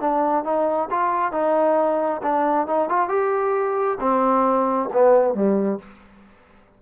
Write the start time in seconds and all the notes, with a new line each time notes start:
0.00 D4
0.44 D#4
0.91 F4
1.32 D#4
2.22 D4
2.67 D#4
2.89 F4
3.08 G4
4.00 C4
4.93 B3
5.34 G3